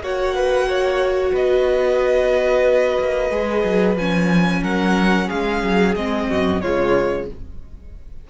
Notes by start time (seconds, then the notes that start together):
0.00 A#3 F#4 C#5 F#5
0.35 B4
0.68 C#5
1.33 B3 B4 D#5
2.99 A#3
3.30 G#3 G#4
3.64 F#3
3.95 F3 C#4 G#5
4.62 F#3 A#4 F#5
5.27 G#3 G#4 F5
5.63 F#3
5.96 G#3 C4 D#5
6.30 F#2 F#4
6.61 C#3 G#3 F4 C#5